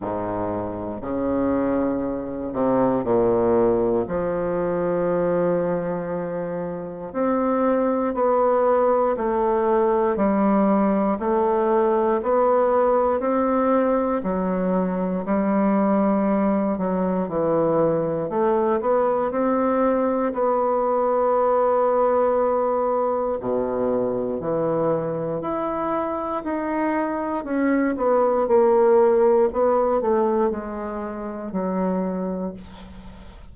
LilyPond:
\new Staff \with { instrumentName = "bassoon" } { \time 4/4 \tempo 4 = 59 gis,4 cis4. c8 ais,4 | f2. c'4 | b4 a4 g4 a4 | b4 c'4 fis4 g4~ |
g8 fis8 e4 a8 b8 c'4 | b2. b,4 | e4 e'4 dis'4 cis'8 b8 | ais4 b8 a8 gis4 fis4 | }